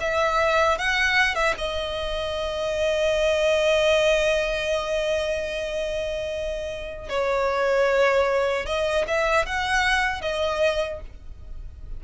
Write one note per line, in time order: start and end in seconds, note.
0.00 0.78 E5
0.78 1.35 F#5
1.35 1.54 E5
1.58 7.09 D#5
7.09 8.66 C#5
8.66 9.05 D#5
9.07 9.46 E5
9.46 10.21 F#5
10.21 11.00 D#5